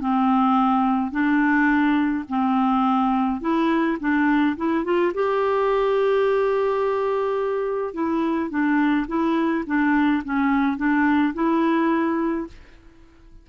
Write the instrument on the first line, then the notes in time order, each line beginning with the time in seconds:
clarinet
0.00 C4
1.11 D4
2.29 C4
3.41 E4
4.00 D4
4.57 E4
4.84 F4
5.14 G4
7.93 E4
8.50 D4
9.08 E4
9.66 D4
10.24 C#4
10.77 D4
11.34 E4